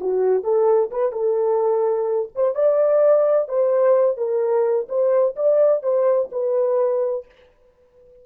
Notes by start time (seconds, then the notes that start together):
0.00 F#4
0.43 A4
0.91 B4
1.12 A4
2.35 C5
2.55 D5
3.48 C5
4.17 A#4
4.89 C5
5.36 D5
5.83 C5
6.32 B4